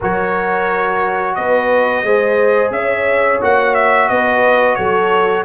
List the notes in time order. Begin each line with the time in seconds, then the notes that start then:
0.00 F#3 F#4 A#4 C#5
1.34 B3 B4 D#5
2.03 G#3 G#4 C5
2.70 C#4 E5
2.76 C#5
3.41 A#3 F#4 F#5
3.74 E5
4.08 B3 B4 D#5
4.75 F#3 A4 C#5